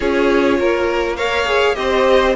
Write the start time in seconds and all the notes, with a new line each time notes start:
0.00 C#4 F4 G#4 C#5
0.59 A#3 A#4
1.16 A#4 C#5 F5
1.46 G#4
1.75 C4 G4 C5 D#5